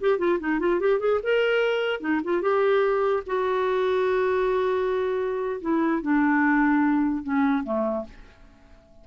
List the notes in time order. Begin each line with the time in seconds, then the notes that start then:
0.00 G4
0.18 F4
0.39 D#4
0.59 F4
0.80 G4
0.99 G#4
1.23 A#4
2.00 D#4
2.24 F4
2.41 G4
3.26 F#4
5.61 E4
6.02 D4
7.23 C#4
7.63 A3